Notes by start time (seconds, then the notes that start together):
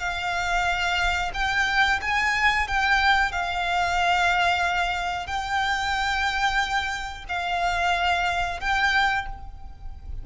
0.00 F5
1.34 G5
2.02 G#5
2.68 G5
3.32 F5
5.27 G5
7.29 F5
8.60 G5